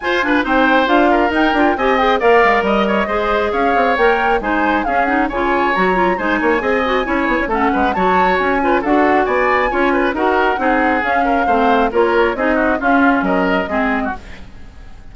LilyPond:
<<
  \new Staff \with { instrumentName = "flute" } { \time 4/4 \tempo 4 = 136 gis''4 g''4 f''4 g''4 | gis''8 g''8 f''4 dis''2 | f''4 g''4 gis''4 f''8 fis''8 | gis''4 ais''4 gis''2~ |
gis''4 fis''4 a''4 gis''4 | fis''4 gis''2 fis''4~ | fis''4 f''2 cis''4 | dis''4 f''4 dis''2 | }
  \new Staff \with { instrumentName = "oboe" } { \time 4/4 c''8 b'8 c''4. ais'4. | dis''4 d''4 dis''8 cis''8 c''4 | cis''2 c''4 gis'4 | cis''2 c''8 cis''8 dis''4 |
cis''4 a'8 b'8 cis''4. b'8 | a'4 d''4 cis''8 b'8 ais'4 | gis'4. ais'8 c''4 ais'4 | gis'8 fis'8 f'4 ais'4 gis'8. fis'16 | }
  \new Staff \with { instrumentName = "clarinet" } { \time 4/4 f'8 d'8 dis'4 f'4 dis'8 f'8 | g'8 gis'8 ais'2 gis'4~ | gis'4 ais'4 dis'4 cis'8 dis'8 | f'4 fis'8 f'8 dis'4 gis'8 fis'8 |
e'4 cis'4 fis'4. f'8 | fis'2 f'4 fis'4 | dis'4 cis'4 c'4 f'4 | dis'4 cis'2 c'4 | }
  \new Staff \with { instrumentName = "bassoon" } { \time 4/4 f'4 c'4 d'4 dis'8 d'8 | c'4 ais8 gis8 g4 gis4 | cis'8 c'8 ais4 gis4 cis'4 | cis4 fis4 gis8 ais8 c'4 |
cis'8 b16 cis'16 a8 gis8 fis4 cis'4 | d'4 b4 cis'4 dis'4 | c'4 cis'4 a4 ais4 | c'4 cis'4 fis4 gis4 | }
>>